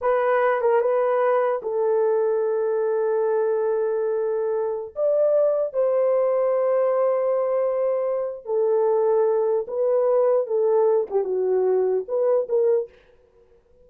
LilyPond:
\new Staff \with { instrumentName = "horn" } { \time 4/4 \tempo 4 = 149 b'4. ais'8 b'2 | a'1~ | a'1~ | a'16 d''2 c''4.~ c''16~ |
c''1~ | c''4 a'2. | b'2 a'4. g'8 | fis'2 b'4 ais'4 | }